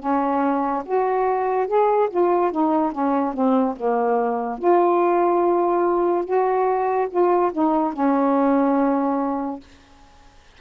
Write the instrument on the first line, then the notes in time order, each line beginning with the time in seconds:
saxophone
0.00 C#4
0.86 F#4
1.68 G#4
2.10 F4
2.52 D#4
2.92 C#4
3.34 C4
3.77 A#3
4.59 F4
6.25 F#4
7.10 F4
7.53 D#4
7.94 C#4